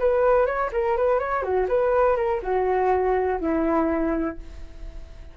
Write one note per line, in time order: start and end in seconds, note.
0.00 0.46 B4
0.46 0.71 C#5
0.73 0.97 A#4
0.97 1.19 B4
1.19 1.43 C#5
1.43 1.67 F#4
1.68 2.17 B4
2.17 2.41 A#4
2.43 3.40 F#4
3.40 4.37 E4